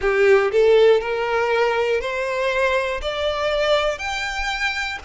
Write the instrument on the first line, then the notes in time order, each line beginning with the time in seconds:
violin
0.01 G4
0.51 A4
1.00 A#4
2.00 C5
3.01 D5
3.98 G5